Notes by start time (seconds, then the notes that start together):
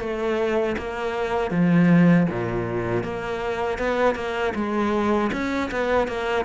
0.00 A3
0.78 A#3
1.51 F3
2.30 A#2
3.04 A#3
3.78 B3
4.15 A#3
4.55 G#3
5.32 C#4
5.71 B3
6.08 A#3